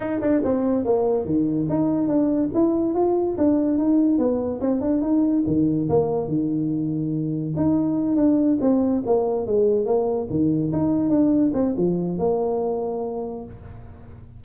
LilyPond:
\new Staff \with { instrumentName = "tuba" } { \time 4/4 \tempo 4 = 143 dis'8 d'8 c'4 ais4 dis4 | dis'4 d'4 e'4 f'4 | d'4 dis'4 b4 c'8 d'8 | dis'4 dis4 ais4 dis4~ |
dis2 dis'4. d'8~ | d'8 c'4 ais4 gis4 ais8~ | ais8 dis4 dis'4 d'4 c'8 | f4 ais2. | }